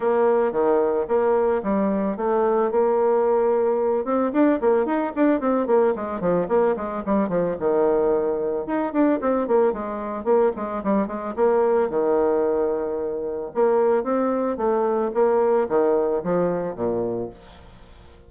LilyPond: \new Staff \with { instrumentName = "bassoon" } { \time 4/4 \tempo 4 = 111 ais4 dis4 ais4 g4 | a4 ais2~ ais8 c'8 | d'8 ais8 dis'8 d'8 c'8 ais8 gis8 f8 | ais8 gis8 g8 f8 dis2 |
dis'8 d'8 c'8 ais8 gis4 ais8 gis8 | g8 gis8 ais4 dis2~ | dis4 ais4 c'4 a4 | ais4 dis4 f4 ais,4 | }